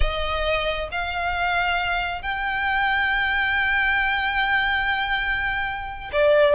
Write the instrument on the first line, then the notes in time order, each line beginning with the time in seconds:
violin
0.00 D#5
0.91 F5
2.21 G5
6.12 D5